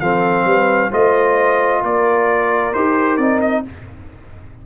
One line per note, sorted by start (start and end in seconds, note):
0.00 0.45 F3
0.00 0.91 C4
0.00 0.46 A4
0.00 0.91 F5
0.45 0.90 G3
0.45 0.91 B4
0.91 1.83 A3
0.91 2.73 F4
0.91 1.81 C5
0.91 1.84 D#5
1.82 2.74 A#3
1.82 3.63 A#4
1.82 2.73 D5
2.73 3.18 D#4
2.73 3.20 G4
2.73 3.17 C5
3.17 3.63 C4
3.17 3.66 D#4
3.17 3.40 D5
3.41 3.64 D#5